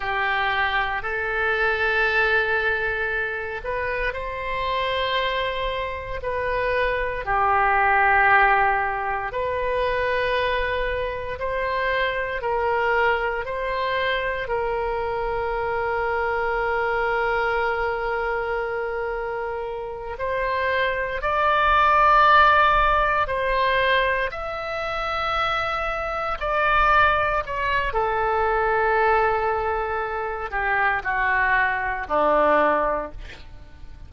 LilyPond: \new Staff \with { instrumentName = "oboe" } { \time 4/4 \tempo 4 = 58 g'4 a'2~ a'8 b'8 | c''2 b'4 g'4~ | g'4 b'2 c''4 | ais'4 c''4 ais'2~ |
ais'2.~ ais'8 c''8~ | c''8 d''2 c''4 e''8~ | e''4. d''4 cis''8 a'4~ | a'4. g'8 fis'4 d'4 | }